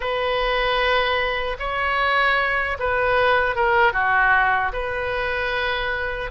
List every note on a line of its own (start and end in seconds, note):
0.00 1.56 B4
1.59 2.77 C#5
2.78 3.55 B4
3.55 3.93 A#4
3.93 4.72 F#4
4.73 6.31 B4